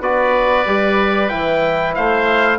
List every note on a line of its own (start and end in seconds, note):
0.00 0.65 B3
0.00 0.66 F#4
0.00 1.95 B4
0.00 1.28 D5
0.66 1.30 G3
0.66 1.29 G4
1.28 1.97 E3
1.28 2.58 E4
1.28 1.93 G5
1.94 2.58 A3
1.94 2.58 C5
1.94 2.58 F5